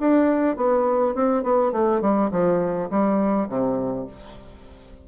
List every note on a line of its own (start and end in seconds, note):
0.00 0.56 D4
0.56 1.15 B3
1.15 1.43 C4
1.43 1.72 B3
1.72 2.01 A3
2.01 2.30 G3
2.31 2.89 F3
2.90 3.48 G3
3.49 4.07 C3